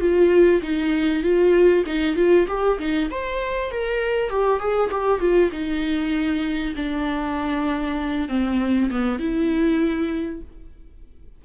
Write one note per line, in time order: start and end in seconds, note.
0.00 0.61 F4
0.62 1.22 D#4
1.22 1.84 F4
1.86 2.16 D#4
2.16 2.46 F4
2.47 2.78 G4
2.79 3.09 D#4
3.10 3.71 C5
3.71 4.29 A#4
4.29 4.59 G4
4.59 4.90 G#4
4.91 5.20 G4
5.20 5.50 F4
5.51 6.74 D#4
6.75 8.28 D4
8.28 8.89 C4
8.90 9.19 B3
9.19 10.41 E4